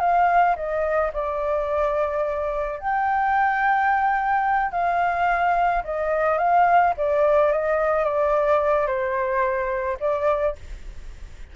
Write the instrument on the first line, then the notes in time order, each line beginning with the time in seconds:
flute
0.00 F5
0.56 D#5
1.13 D5
2.80 G5
4.72 F5
5.84 D#5
6.38 F5
6.97 D5
7.52 D#5
8.05 D5
8.87 C5
10.00 D5